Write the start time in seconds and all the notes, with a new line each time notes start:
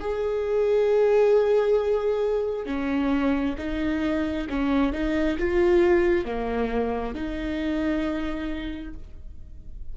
0.00 G#4
2.66 C#4
3.58 D#4
4.49 C#4
4.93 D#4
5.39 F4
6.25 A#3
7.15 D#4